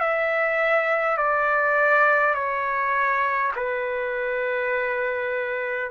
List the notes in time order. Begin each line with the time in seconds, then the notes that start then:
0.00 E5
1.18 D5
2.35 C#5
3.56 B4